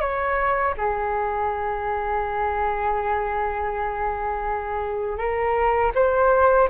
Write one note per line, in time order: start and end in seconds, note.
0.00 0.74 C#5
0.77 5.18 G#4
5.18 5.92 A#4
5.95 6.69 C5